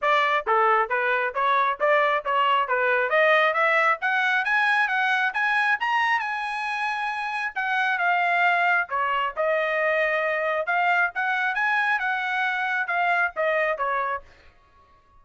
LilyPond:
\new Staff \with { instrumentName = "trumpet" } { \time 4/4 \tempo 4 = 135 d''4 a'4 b'4 cis''4 | d''4 cis''4 b'4 dis''4 | e''4 fis''4 gis''4 fis''4 | gis''4 ais''4 gis''2~ |
gis''4 fis''4 f''2 | cis''4 dis''2. | f''4 fis''4 gis''4 fis''4~ | fis''4 f''4 dis''4 cis''4 | }